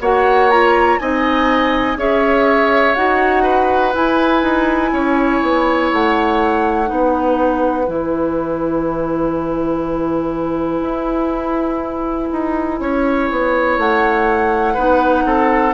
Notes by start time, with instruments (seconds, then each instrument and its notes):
0.00 bassoon A#3, clarinet F#4, oboe C#5, flute F#5
0.50 clarinet F4, flute A#5
0.99 bassoon C4, clarinet D#4, oboe D#5, flute G#5
1.97 bassoon C#4, clarinet G#4, oboe C#5, flute E5
2.95 bassoon D#4, clarinet F#4, flute F#5
3.43 oboe B4
3.93 clarinet E4, bassoon E4, flute G#5
4.42 bassoon D#4
4.92 bassoon C#4, oboe C#5
5.42 bassoon B3
5.92 bassoon A3, flute F#5
6.86 bassoon B3, clarinet D#4, oboe B4
7.86 bassoon E3, clarinet E4, flute G#5
10.82 bassoon E4
12.32 bassoon D#4
12.80 bassoon C#4, oboe C#5
13.31 bassoon B3
13.78 bassoon A3, flute F#5
14.74 bassoon B3, clarinet D#4, oboe B4
15.25 bassoon C4, oboe A4